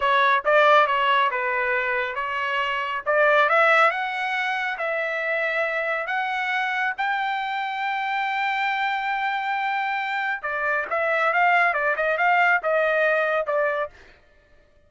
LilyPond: \new Staff \with { instrumentName = "trumpet" } { \time 4/4 \tempo 4 = 138 cis''4 d''4 cis''4 b'4~ | b'4 cis''2 d''4 | e''4 fis''2 e''4~ | e''2 fis''2 |
g''1~ | g''1 | d''4 e''4 f''4 d''8 dis''8 | f''4 dis''2 d''4 | }